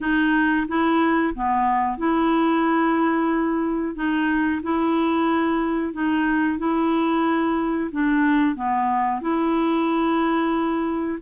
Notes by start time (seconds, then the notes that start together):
0.00 D#4
0.68 E4
1.34 B3
1.97 E4
3.95 D#4
4.62 E4
5.93 D#4
6.58 E4
7.91 D4
8.55 B3
9.21 E4